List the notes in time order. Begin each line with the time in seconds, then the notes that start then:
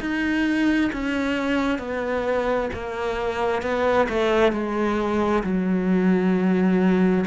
0.00 D#4
0.93 C#4
1.79 B3
2.74 A#3
3.62 B3
4.09 A3
4.52 G#3
5.43 F#3